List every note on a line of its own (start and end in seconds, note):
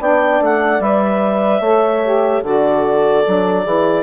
0.00 0.41 B3
0.00 0.81 D4
0.00 1.62 D5
0.00 0.43 G5
0.41 0.80 A3
0.41 0.82 F#5
0.80 1.60 G3
0.80 1.62 B4
0.80 2.44 E5
1.60 2.41 A3
1.60 2.03 A4
1.60 2.43 C#5
2.04 2.43 G4
2.43 3.25 D3
2.43 3.24 F#4
2.43 3.65 A4
2.43 4.03 D5
3.27 3.66 F#3
3.27 3.65 D4
3.65 4.03 E3
3.65 4.03 E4
3.65 4.03 G#4